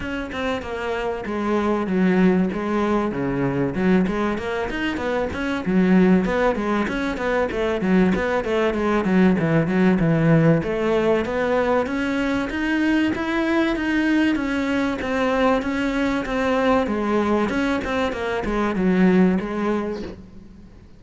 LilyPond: \new Staff \with { instrumentName = "cello" } { \time 4/4 \tempo 4 = 96 cis'8 c'8 ais4 gis4 fis4 | gis4 cis4 fis8 gis8 ais8 dis'8 | b8 cis'8 fis4 b8 gis8 cis'8 b8 | a8 fis8 b8 a8 gis8 fis8 e8 fis8 |
e4 a4 b4 cis'4 | dis'4 e'4 dis'4 cis'4 | c'4 cis'4 c'4 gis4 | cis'8 c'8 ais8 gis8 fis4 gis4 | }